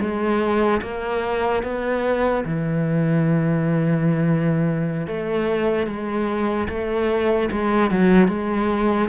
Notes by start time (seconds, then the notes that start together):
0.00 G#3
0.82 A#3
1.63 B3
2.45 E3
5.07 A3
5.87 G#3
6.69 A3
7.52 G#3
7.91 F#3
8.28 G#3